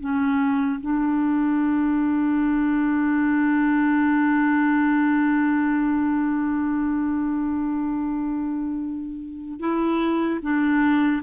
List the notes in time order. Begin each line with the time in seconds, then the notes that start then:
0.00 C#4
0.81 D4
9.60 E4
10.42 D4